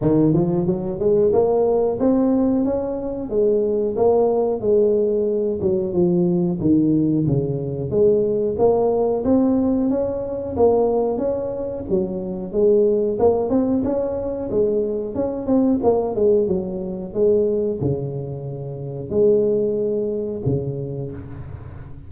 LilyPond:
\new Staff \with { instrumentName = "tuba" } { \time 4/4 \tempo 4 = 91 dis8 f8 fis8 gis8 ais4 c'4 | cis'4 gis4 ais4 gis4~ | gis8 fis8 f4 dis4 cis4 | gis4 ais4 c'4 cis'4 |
ais4 cis'4 fis4 gis4 | ais8 c'8 cis'4 gis4 cis'8 c'8 | ais8 gis8 fis4 gis4 cis4~ | cis4 gis2 cis4 | }